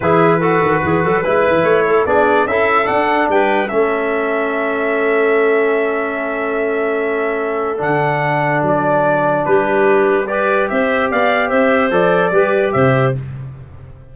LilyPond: <<
  \new Staff \with { instrumentName = "trumpet" } { \time 4/4 \tempo 4 = 146 b'1 | cis''4 d''4 e''4 fis''4 | g''4 e''2.~ | e''1~ |
e''2. fis''4~ | fis''4 d''2 b'4~ | b'4 d''4 e''4 f''4 | e''4 d''2 e''4 | }
  \new Staff \with { instrumentName = "clarinet" } { \time 4/4 gis'4 a'4 gis'8 a'8 b'4~ | b'8 a'8 gis'4 a'2 | b'4 a'2.~ | a'1~ |
a'1~ | a'2. g'4~ | g'4 b'4 c''4 d''4 | c''2 b'4 c''4 | }
  \new Staff \with { instrumentName = "trombone" } { \time 4/4 e'4 fis'2 e'4~ | e'4 d'4 e'4 d'4~ | d'4 cis'2.~ | cis'1~ |
cis'2. d'4~ | d'1~ | d'4 g'2.~ | g'4 a'4 g'2 | }
  \new Staff \with { instrumentName = "tuba" } { \time 4/4 e4. dis8 e8 fis8 gis8 e8 | a4 b4 cis'4 d'4 | g4 a2.~ | a1~ |
a2. d4~ | d4 fis2 g4~ | g2 c'4 b4 | c'4 f4 g4 c4 | }
>>